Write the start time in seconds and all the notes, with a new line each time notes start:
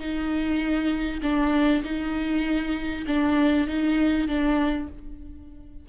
0.00 D#4
1.23 D4
1.84 D#4
3.07 D4
3.67 D#4
4.28 D4